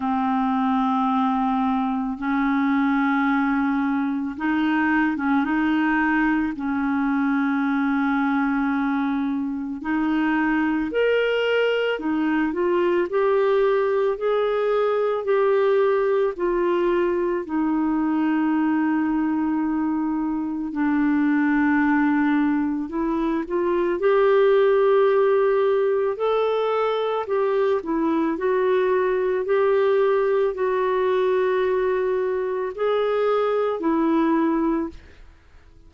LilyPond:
\new Staff \with { instrumentName = "clarinet" } { \time 4/4 \tempo 4 = 55 c'2 cis'2 | dis'8. cis'16 dis'4 cis'2~ | cis'4 dis'4 ais'4 dis'8 f'8 | g'4 gis'4 g'4 f'4 |
dis'2. d'4~ | d'4 e'8 f'8 g'2 | a'4 g'8 e'8 fis'4 g'4 | fis'2 gis'4 e'4 | }